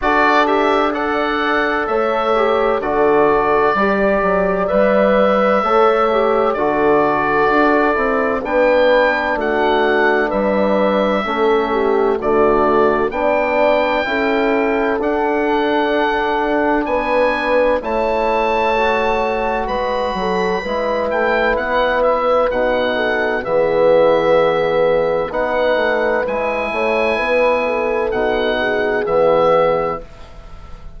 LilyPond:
<<
  \new Staff \with { instrumentName = "oboe" } { \time 4/4 \tempo 4 = 64 d''8 e''8 fis''4 e''4 d''4~ | d''4 e''2 d''4~ | d''4 g''4 fis''4 e''4~ | e''4 d''4 g''2 |
fis''2 gis''4 a''4~ | a''4 b''4. g''8 fis''8 e''8 | fis''4 e''2 fis''4 | gis''2 fis''4 e''4 | }
  \new Staff \with { instrumentName = "horn" } { \time 4/4 a'4 d''4 cis''4 a'4 | d''2 cis''4 a'4~ | a'4 b'4 fis'4 b'4 | a'8 g'8 fis'4 d''4 a'4~ |
a'2 b'4 cis''4~ | cis''4 b'8 a'8 b'2~ | b'8 a'8 gis'2 b'4~ | b'8 cis''8 b'8 a'4 gis'4. | }
  \new Staff \with { instrumentName = "trombone" } { \time 4/4 fis'8 g'8 a'4. g'8 fis'4 | g'4 b'4 a'8 g'8 fis'4~ | fis'8 e'8 d'2. | cis'4 a4 d'4 e'4 |
d'2. e'4 | fis'2 e'2 | dis'4 b2 dis'4 | e'2 dis'4 b4 | }
  \new Staff \with { instrumentName = "bassoon" } { \time 4/4 d'2 a4 d4 | g8 fis8 g4 a4 d4 | d'8 c'8 b4 a4 g4 | a4 d4 b4 cis'4 |
d'2 b4 a4~ | a4 gis8 fis8 gis8 a8 b4 | b,4 e2 b8 a8 | gis8 a8 b4 b,4 e4 | }
>>